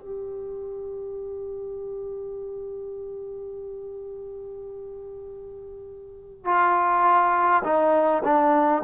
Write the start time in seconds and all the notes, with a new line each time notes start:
0.00 G4
6.45 F4
7.64 D#4
8.24 D4